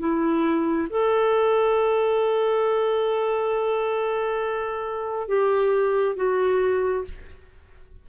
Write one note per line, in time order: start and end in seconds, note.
0.00 0.88 E4
0.90 5.28 A4
5.28 6.16 G4
6.16 7.05 F#4